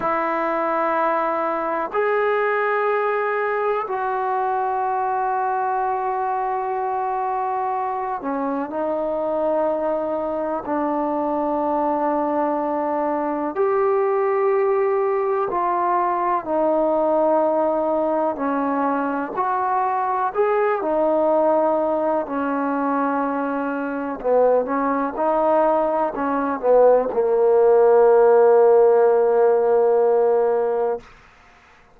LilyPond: \new Staff \with { instrumentName = "trombone" } { \time 4/4 \tempo 4 = 62 e'2 gis'2 | fis'1~ | fis'8 cis'8 dis'2 d'4~ | d'2 g'2 |
f'4 dis'2 cis'4 | fis'4 gis'8 dis'4. cis'4~ | cis'4 b8 cis'8 dis'4 cis'8 b8 | ais1 | }